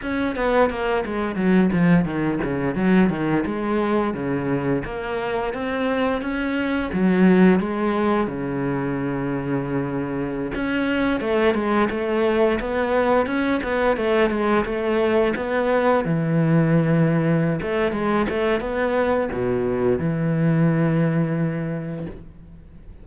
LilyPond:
\new Staff \with { instrumentName = "cello" } { \time 4/4 \tempo 4 = 87 cis'8 b8 ais8 gis8 fis8 f8 dis8 cis8 | fis8 dis8 gis4 cis4 ais4 | c'4 cis'4 fis4 gis4 | cis2.~ cis16 cis'8.~ |
cis'16 a8 gis8 a4 b4 cis'8 b16~ | b16 a8 gis8 a4 b4 e8.~ | e4. a8 gis8 a8 b4 | b,4 e2. | }